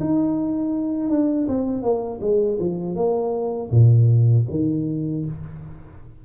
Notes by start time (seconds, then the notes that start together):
0.00 D#4
1.10 D4
1.48 C4
1.82 A#3
2.21 G#3
2.59 F3
2.95 A#3
3.71 A#2
4.50 D#3